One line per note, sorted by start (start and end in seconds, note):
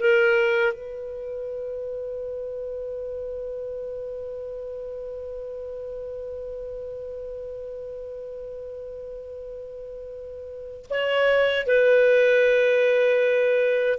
0.00 0.73 A#4
0.73 10.86 B4
10.90 11.67 C#5
11.67 13.99 B4